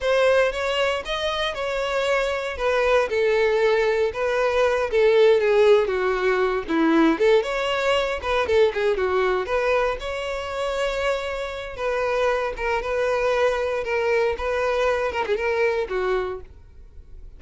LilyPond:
\new Staff \with { instrumentName = "violin" } { \time 4/4 \tempo 4 = 117 c''4 cis''4 dis''4 cis''4~ | cis''4 b'4 a'2 | b'4. a'4 gis'4 fis'8~ | fis'4 e'4 a'8 cis''4. |
b'8 a'8 gis'8 fis'4 b'4 cis''8~ | cis''2. b'4~ | b'8 ais'8 b'2 ais'4 | b'4. ais'16 gis'16 ais'4 fis'4 | }